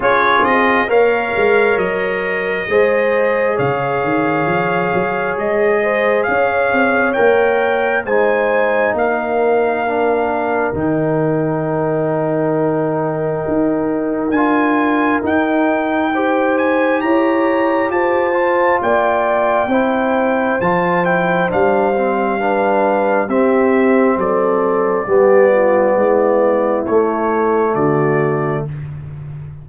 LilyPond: <<
  \new Staff \with { instrumentName = "trumpet" } { \time 4/4 \tempo 4 = 67 cis''8 dis''8 f''4 dis''2 | f''2 dis''4 f''4 | g''4 gis''4 f''2 | g''1 |
gis''4 g''4. gis''8 ais''4 | a''4 g''2 a''8 g''8 | f''2 e''4 d''4~ | d''2 cis''4 d''4 | }
  \new Staff \with { instrumentName = "horn" } { \time 4/4 gis'4 cis''2 c''4 | cis''2~ cis''8 c''8 cis''4~ | cis''4 c''4 ais'2~ | ais'1~ |
ais'2 c''4 cis''4 | c''4 d''4 c''2~ | c''4 b'4 g'4 a'4 | g'8 f'8 e'2 fis'4 | }
  \new Staff \with { instrumentName = "trombone" } { \time 4/4 f'4 ais'2 gis'4~ | gis'1 | ais'4 dis'2 d'4 | dis'1 |
f'4 dis'4 g'2~ | g'8 f'4. e'4 f'8 e'8 | d'8 c'8 d'4 c'2 | b2 a2 | }
  \new Staff \with { instrumentName = "tuba" } { \time 4/4 cis'8 c'8 ais8 gis8 fis4 gis4 | cis8 dis8 f8 fis8 gis4 cis'8 c'8 | ais4 gis4 ais2 | dis2. dis'4 |
d'4 dis'2 e'4 | f'4 ais4 c'4 f4 | g2 c'4 fis4 | g4 gis4 a4 d4 | }
>>